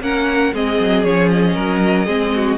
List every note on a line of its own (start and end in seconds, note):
0.00 0.51 A#3
0.00 0.53 C#4
0.00 0.54 A#4
0.00 0.54 F#5
0.53 0.79 G#3
0.53 1.05 C4
0.53 1.55 G#4
0.53 1.04 D#5
0.79 1.04 F#3
1.04 1.56 F3
1.04 2.07 C#4
1.04 1.30 C#5
1.31 2.58 D#5
1.55 2.07 F#3
1.55 2.06 A#4
2.06 2.58 G#3
2.06 2.58 C4
2.06 2.31 G#4
2.35 2.58 F#4